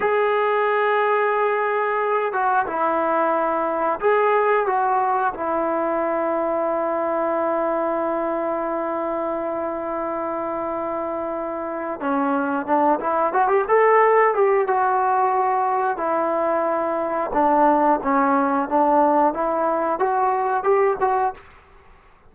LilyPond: \new Staff \with { instrumentName = "trombone" } { \time 4/4 \tempo 4 = 90 gis'2.~ gis'8 fis'8 | e'2 gis'4 fis'4 | e'1~ | e'1~ |
e'2 cis'4 d'8 e'8 | fis'16 g'16 a'4 g'8 fis'2 | e'2 d'4 cis'4 | d'4 e'4 fis'4 g'8 fis'8 | }